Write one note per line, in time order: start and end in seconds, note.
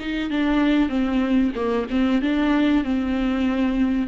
0.00 0.30 D#4
0.30 0.89 D4
0.89 1.52 C4
1.56 1.87 A#3
1.90 2.22 C4
2.22 2.84 D4
2.84 4.08 C4